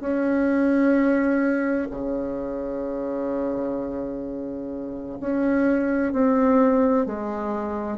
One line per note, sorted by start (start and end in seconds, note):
0.00 1.87 C#4
1.90 5.19 C#3
5.20 6.12 C#4
6.12 7.06 C4
7.06 7.97 G#3